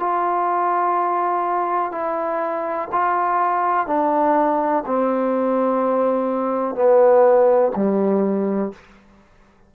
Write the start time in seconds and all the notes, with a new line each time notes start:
0.00 F4
1.92 E4
2.93 F4
3.87 D4
4.87 C4
6.75 B3
7.76 G3